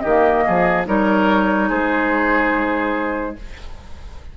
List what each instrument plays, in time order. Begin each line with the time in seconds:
0.00 bassoon D#3, oboe G4, flute D#5
0.07 clarinet A#3
0.46 bassoon F3, oboe G#4
0.86 bassoon G3, clarinet D#4, oboe A#4, flute C#5
1.69 bassoon G#3, oboe G#4, flute C5